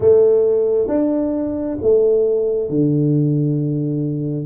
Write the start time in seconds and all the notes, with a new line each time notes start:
0.00 A3
0.88 D4
1.81 A3
2.69 D3